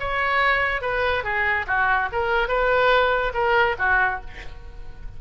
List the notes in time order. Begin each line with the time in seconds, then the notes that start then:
0.00 C#5
0.82 B4
1.24 G#4
1.67 F#4
2.13 A#4
2.48 B4
3.34 A#4
3.79 F#4